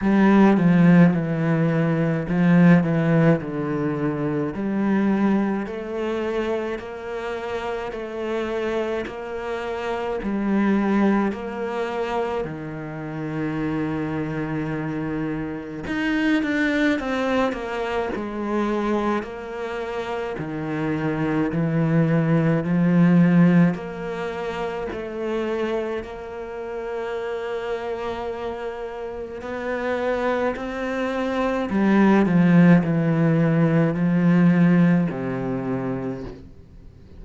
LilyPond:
\new Staff \with { instrumentName = "cello" } { \time 4/4 \tempo 4 = 53 g8 f8 e4 f8 e8 d4 | g4 a4 ais4 a4 | ais4 g4 ais4 dis4~ | dis2 dis'8 d'8 c'8 ais8 |
gis4 ais4 dis4 e4 | f4 ais4 a4 ais4~ | ais2 b4 c'4 | g8 f8 e4 f4 c4 | }